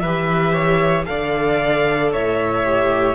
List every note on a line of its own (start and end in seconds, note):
0.00 1.07 E3
0.00 1.06 G4
0.00 0.53 B4
0.00 1.05 E5
0.53 1.06 C#5
1.06 2.14 D3
1.06 2.64 A4
1.06 2.13 D5
1.06 2.11 F5
2.13 3.16 A2
2.13 3.16 C#5
2.13 3.16 E5
2.65 3.16 G4